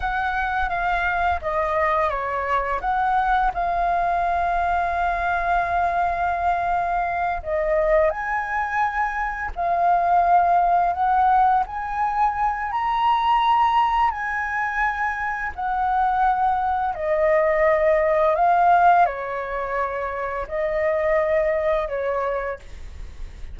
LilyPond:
\new Staff \with { instrumentName = "flute" } { \time 4/4 \tempo 4 = 85 fis''4 f''4 dis''4 cis''4 | fis''4 f''2.~ | f''2~ f''8 dis''4 gis''8~ | gis''4. f''2 fis''8~ |
fis''8 gis''4. ais''2 | gis''2 fis''2 | dis''2 f''4 cis''4~ | cis''4 dis''2 cis''4 | }